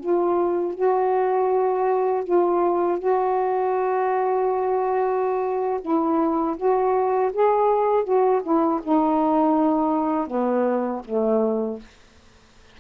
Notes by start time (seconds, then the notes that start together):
0.00 F4
0.74 F#4
2.24 F4
2.99 F#4
5.82 E4
6.57 F#4
7.33 G#4
8.04 F#4
8.43 E4
8.83 D#4
10.27 B3
11.05 A3